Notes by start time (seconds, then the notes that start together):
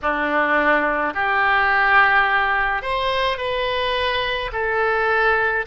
0.02 D4
1.13 G4
2.81 C5
3.37 B4
4.52 A4